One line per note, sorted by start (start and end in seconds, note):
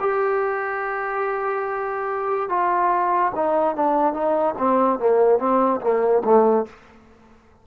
0.00 2.49 G4
2.49 3.32 F4
3.35 3.76 D#4
3.76 4.13 D4
4.13 4.55 D#4
4.58 4.99 C4
4.99 5.39 A#3
5.39 5.80 C4
5.81 6.22 A#3
6.24 6.66 A3